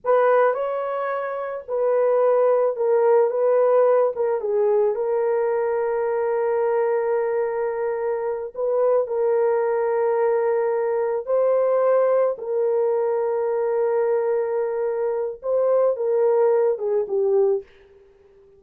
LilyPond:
\new Staff \with { instrumentName = "horn" } { \time 4/4 \tempo 4 = 109 b'4 cis''2 b'4~ | b'4 ais'4 b'4. ais'8 | gis'4 ais'2.~ | ais'2.~ ais'8 b'8~ |
b'8 ais'2.~ ais'8~ | ais'8 c''2 ais'4.~ | ais'1 | c''4 ais'4. gis'8 g'4 | }